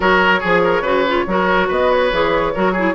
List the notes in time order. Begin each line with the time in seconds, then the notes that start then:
0.00 F#3 F#4 A#4 C#5
0.40 F3 G#4
0.64 A#4
0.81 C#3 F#4 B4
1.07 F4
1.26 F#3 F#4 A#4
1.68 B3 B4 D#5
1.91 C#5
2.12 E3 G#4
2.54 F#3 F#4 A#4
2.72 E4 G#4